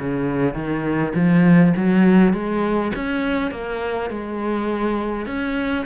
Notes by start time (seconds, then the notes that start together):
0.00 C#3
0.55 D#3
1.15 F3
1.77 F#3
2.34 G#3
2.96 C#4
3.52 A#3
4.10 G#3
5.27 C#4